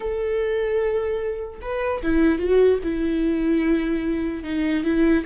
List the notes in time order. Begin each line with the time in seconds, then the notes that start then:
0.00 A4
1.61 B4
2.02 E4
2.38 F#4
2.83 E4
4.43 D#4
4.84 E4